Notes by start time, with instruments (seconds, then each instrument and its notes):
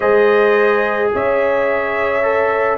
0.00 tuba G#3, trombone G#4, horn C5, trumpet D#5
1.13 tuba C#4, horn C#5, trumpet E5
2.22 trombone A4